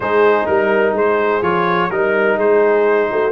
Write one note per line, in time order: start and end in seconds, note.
0.00 0.46 G#3
0.00 1.43 D#4
0.00 0.47 G#4
0.00 0.46 C5
0.46 0.93 G3
0.46 0.94 A#4
0.46 0.95 A#4
0.93 1.41 G#3
0.93 1.90 G#4
0.93 1.43 C5
1.42 1.89 F3
1.42 1.90 F4
1.42 1.90 C#5
1.90 2.37 G3
1.90 3.31 D#4
1.90 2.38 A#4
1.90 2.36 A#4
2.36 3.09 G#3
2.36 3.08 G#4
2.36 3.31 C5
3.11 3.31 A3
3.11 3.31 F#4